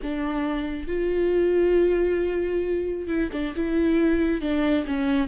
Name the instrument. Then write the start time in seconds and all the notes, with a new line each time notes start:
viola
0.02 D4
0.87 F4
3.07 E4
3.32 D4
3.55 E4
4.41 D4
4.86 C#4